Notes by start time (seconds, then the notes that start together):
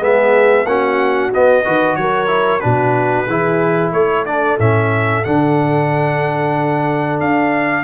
0.00 G#3 B3 G#4 E5
0.65 A#3 C#4 F#4 F#5
1.34 B3 D#5
1.64 D#3 F#4 B4
1.96 F#3 A#4 C#5
2.28 E4
2.60 B2 D4 F#4 B4
3.27 E3 E4 G#4
3.92 A3 A4 C#5
4.25 D4 D5
4.59 A2 C#4 E5
5.24 D3 D4 F#5
7.20 D4 F5